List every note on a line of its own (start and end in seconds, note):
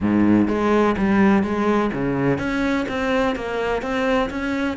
0.00 0.48 G#2
0.48 0.95 G#3
0.97 1.43 G3
1.43 1.90 G#3
1.93 2.38 C#3
2.38 2.85 C#4
2.88 3.35 C4
3.35 3.82 A#3
3.82 4.29 C4
4.30 4.77 C#4